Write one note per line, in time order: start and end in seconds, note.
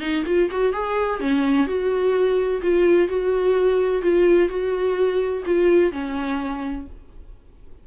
0.00 0.24 D#4
0.26 0.50 F4
0.51 0.73 F#4
0.73 1.20 G#4
1.20 1.67 C#4
1.67 2.61 F#4
2.62 3.09 F4
3.09 4.02 F#4
4.02 4.49 F4
4.49 5.43 F#4
5.46 5.92 F4
5.92 6.87 C#4